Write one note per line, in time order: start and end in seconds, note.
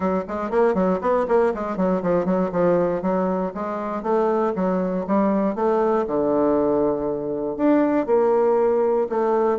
0.00 0.24 F#3
0.28 0.50 G#3
0.50 0.74 A#3
0.74 0.99 F#3
1.01 1.26 B3
1.28 1.53 A#3
1.54 1.76 G#3
1.76 2.02 F#3
2.02 2.25 F3
2.25 2.50 F#3
2.52 3.01 F3
3.01 3.52 F#3
3.54 4.02 G#3
4.02 4.53 A3
4.55 5.06 F#3
5.07 5.55 G3
5.55 6.05 A3
6.07 7.56 D3
7.56 8.06 D4
8.06 9.07 A#3
9.09 9.59 A3